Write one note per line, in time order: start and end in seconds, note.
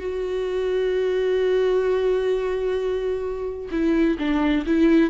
0.00 3.69 F#4
3.71 4.17 E4
4.19 4.65 D4
4.66 5.10 E4